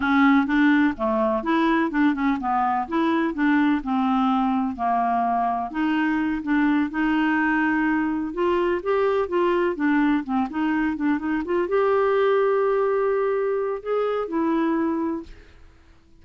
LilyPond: \new Staff \with { instrumentName = "clarinet" } { \time 4/4 \tempo 4 = 126 cis'4 d'4 a4 e'4 | d'8 cis'8 b4 e'4 d'4 | c'2 ais2 | dis'4. d'4 dis'4.~ |
dis'4. f'4 g'4 f'8~ | f'8 d'4 c'8 dis'4 d'8 dis'8 | f'8 g'2.~ g'8~ | g'4 gis'4 e'2 | }